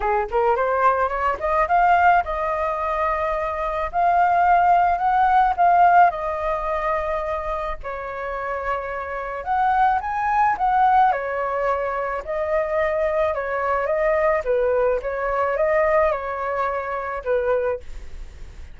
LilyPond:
\new Staff \with { instrumentName = "flute" } { \time 4/4 \tempo 4 = 108 gis'8 ais'8 c''4 cis''8 dis''8 f''4 | dis''2. f''4~ | f''4 fis''4 f''4 dis''4~ | dis''2 cis''2~ |
cis''4 fis''4 gis''4 fis''4 | cis''2 dis''2 | cis''4 dis''4 b'4 cis''4 | dis''4 cis''2 b'4 | }